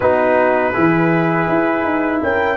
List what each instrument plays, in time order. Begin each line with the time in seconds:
0.00 tuba B3, trombone D#4, horn F#4, trumpet B4
0.73 tuba E3, trombone E4, horn G#4
1.48 tuba E4
1.84 tuba D#4
2.22 tuba C#4, horn A#4, trumpet G5